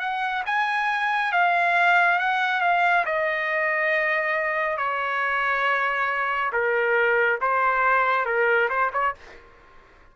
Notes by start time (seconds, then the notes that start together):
0.00 F#5
0.46 G#5
1.32 F5
2.19 F#5
2.61 F5
3.06 D#5
4.77 C#5
6.53 A#4
7.41 C5
8.26 A#4
8.70 C5
8.93 C#5